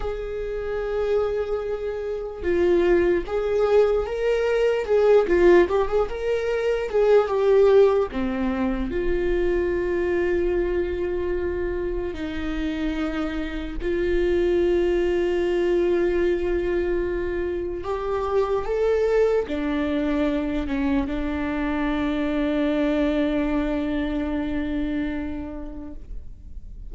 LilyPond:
\new Staff \with { instrumentName = "viola" } { \time 4/4 \tempo 4 = 74 gis'2. f'4 | gis'4 ais'4 gis'8 f'8 g'16 gis'16 ais'8~ | ais'8 gis'8 g'4 c'4 f'4~ | f'2. dis'4~ |
dis'4 f'2.~ | f'2 g'4 a'4 | d'4. cis'8 d'2~ | d'1 | }